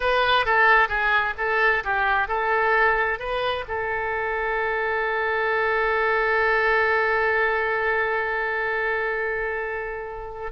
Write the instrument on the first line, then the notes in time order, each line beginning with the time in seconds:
oboe
0.00 B4
0.45 A4
0.88 G#4
1.37 A4
1.83 G4
2.28 A4
3.19 B4
3.68 A4